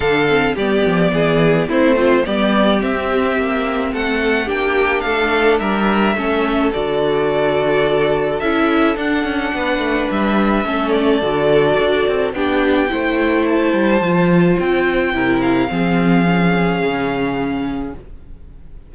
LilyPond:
<<
  \new Staff \with { instrumentName = "violin" } { \time 4/4 \tempo 4 = 107 f''4 d''2 c''4 | d''4 e''2 fis''4 | g''4 f''4 e''2 | d''2. e''4 |
fis''2 e''4. d''8~ | d''2 g''2 | a''2 g''4. f''8~ | f''1 | }
  \new Staff \with { instrumentName = "violin" } { \time 4/4 a'4 g'4 gis'4 e'8 c'8 | g'2. a'4 | g'4 a'4 ais'4 a'4~ | a'1~ |
a'4 b'2 a'4~ | a'2 g'4 c''4~ | c''2. ais'4 | gis'1 | }
  \new Staff \with { instrumentName = "viola" } { \time 4/4 d'8 c'8 b2 c'8 f'8 | b4 c'2. | d'2. cis'4 | fis'2. e'4 |
d'2. cis'4 | fis'2 d'4 e'4~ | e'4 f'2 e'4 | c'4 cis'2. | }
  \new Staff \with { instrumentName = "cello" } { \time 4/4 d4 g8 f8 e4 a4 | g4 c'4 ais4 a4 | ais4 a4 g4 a4 | d2. cis'4 |
d'8 cis'8 b8 a8 g4 a4 | d4 d'8 c'8 b4 a4~ | a8 g8 f4 c'4 c4 | f2 cis2 | }
>>